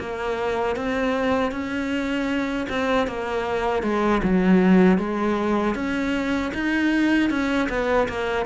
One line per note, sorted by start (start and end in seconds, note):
0.00 0.76 A#3
0.76 1.52 C4
1.52 2.67 C#4
2.70 3.08 C4
3.08 3.83 A#3
3.83 4.22 G#3
4.24 4.99 F#3
4.99 5.76 G#3
5.76 6.52 C#4
6.55 7.30 D#4
7.30 7.69 C#4
7.70 8.08 B3
8.09 8.46 A#3